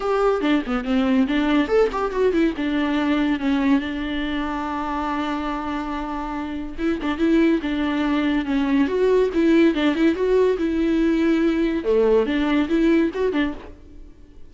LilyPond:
\new Staff \with { instrumentName = "viola" } { \time 4/4 \tempo 4 = 142 g'4 d'8 b8 c'4 d'4 | a'8 g'8 fis'8 e'8 d'2 | cis'4 d'2.~ | d'1 |
e'8 d'8 e'4 d'2 | cis'4 fis'4 e'4 d'8 e'8 | fis'4 e'2. | a4 d'4 e'4 fis'8 d'8 | }